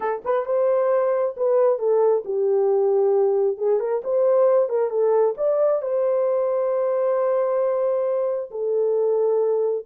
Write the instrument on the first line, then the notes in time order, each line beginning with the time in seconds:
horn
0.00 A4
0.24 B4
0.45 C5
1.36 B4
1.78 A4
2.24 G4
3.57 G#4
3.79 A#4
4.04 C5
4.69 A#4
4.90 A4
5.37 D5
5.81 C5
8.51 A4